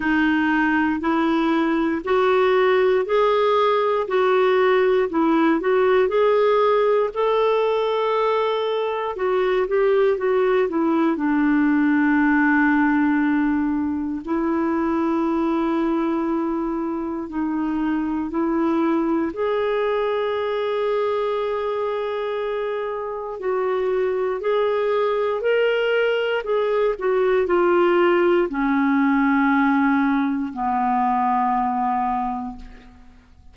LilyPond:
\new Staff \with { instrumentName = "clarinet" } { \time 4/4 \tempo 4 = 59 dis'4 e'4 fis'4 gis'4 | fis'4 e'8 fis'8 gis'4 a'4~ | a'4 fis'8 g'8 fis'8 e'8 d'4~ | d'2 e'2~ |
e'4 dis'4 e'4 gis'4~ | gis'2. fis'4 | gis'4 ais'4 gis'8 fis'8 f'4 | cis'2 b2 | }